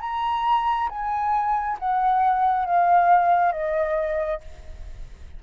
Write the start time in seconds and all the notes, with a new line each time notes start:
0.00 A#5
0.89 G#5
1.79 F#5
2.65 F5
3.52 D#5